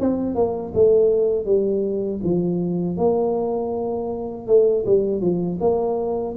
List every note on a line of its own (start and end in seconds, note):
0.00 0.35 C4
0.35 0.73 A#3
0.75 1.46 A3
1.46 2.21 G3
2.24 2.98 F3
2.98 4.47 A#3
4.47 4.85 A3
4.86 5.21 G3
5.21 5.59 F3
5.61 6.36 A#3